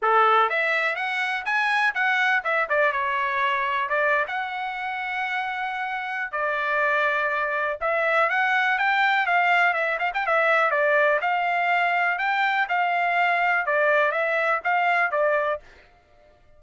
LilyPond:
\new Staff \with { instrumentName = "trumpet" } { \time 4/4 \tempo 4 = 123 a'4 e''4 fis''4 gis''4 | fis''4 e''8 d''8 cis''2 | d''8. fis''2.~ fis''16~ | fis''4 d''2. |
e''4 fis''4 g''4 f''4 | e''8 f''16 g''16 e''4 d''4 f''4~ | f''4 g''4 f''2 | d''4 e''4 f''4 d''4 | }